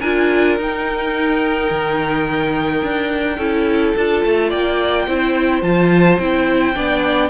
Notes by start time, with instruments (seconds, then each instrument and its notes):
0.00 cello D4, viola F4, violin A#4 G#5
0.57 cello D#4, viola D#4, violin G5
1.70 cello D#3
2.82 cello D4
3.37 cello C#4, viola E4, violin A4
3.96 cello D4, viola F4, violin A5
4.25 cello A3
4.49 cello A#3, violin D5 G5
5.07 cello C4, viola E4, violin C5
5.62 cello F3, viola F4, violin A5
6.18 cello C4, viola E4, violin G5
6.74 cello B3, viola D4, violin D5